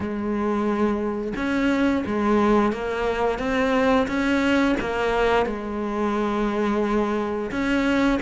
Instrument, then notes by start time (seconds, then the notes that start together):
cello
0.00 G#3
1.35 C#4
2.06 G#3
2.72 A#3
3.38 C4
4.07 C#4
4.80 A#3
5.46 G#3
7.51 C#4